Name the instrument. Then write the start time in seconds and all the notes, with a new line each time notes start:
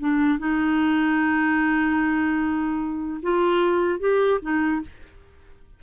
clarinet
0.00 D4
0.39 D#4
3.23 F4
4.00 G4
4.42 D#4